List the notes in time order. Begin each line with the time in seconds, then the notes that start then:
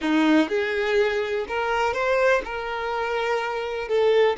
0.01 D#4
0.49 G#4
1.48 A#4
1.93 C5
2.44 A#4
3.88 A4